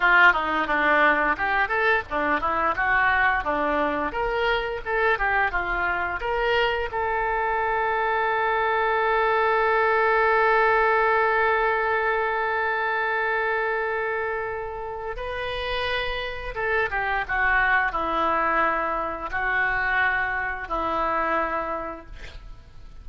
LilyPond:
\new Staff \with { instrumentName = "oboe" } { \time 4/4 \tempo 4 = 87 f'8 dis'8 d'4 g'8 a'8 d'8 e'8 | fis'4 d'4 ais'4 a'8 g'8 | f'4 ais'4 a'2~ | a'1~ |
a'1~ | a'2 b'2 | a'8 g'8 fis'4 e'2 | fis'2 e'2 | }